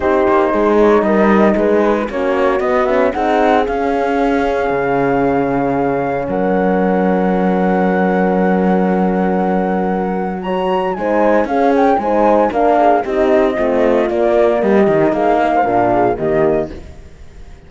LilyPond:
<<
  \new Staff \with { instrumentName = "flute" } { \time 4/4 \tempo 4 = 115 c''4. cis''8 dis''4 b'4 | cis''4 dis''8 e''8 fis''4 f''4~ | f''1 | fis''1~ |
fis''1 | ais''4 gis''4 f''8 g''8 gis''4 | f''4 dis''2 d''4 | dis''4 f''2 dis''4 | }
  \new Staff \with { instrumentName = "horn" } { \time 4/4 g'4 gis'4 ais'4 gis'4 | fis'2 gis'2~ | gis'1 | ais'1~ |
ais'1 | cis''4 c''4 gis'4 c''4 | ais'8 gis'8 g'4 f'2 | g'4 gis'8 ais'16 c''16 ais'8 gis'8 g'4 | }
  \new Staff \with { instrumentName = "horn" } { \time 4/4 dis'1 | cis'4 b8 cis'8 dis'4 cis'4~ | cis'1~ | cis'1~ |
cis'1 | fis'4 dis'4 cis'4 dis'4 | d'4 dis'4 c'4 ais4~ | ais8 dis'4. d'4 ais4 | }
  \new Staff \with { instrumentName = "cello" } { \time 4/4 c'8 ais8 gis4 g4 gis4 | ais4 b4 c'4 cis'4~ | cis'4 cis2. | fis1~ |
fis1~ | fis4 gis4 cis'4 gis4 | ais4 c'4 a4 ais4 | g8 dis8 ais4 ais,4 dis4 | }
>>